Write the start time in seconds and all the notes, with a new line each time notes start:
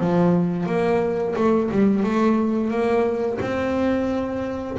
0.00 F3
0.66 A#3
1.35 A3
1.71 G3
2.03 A3
2.70 A#3
3.41 C4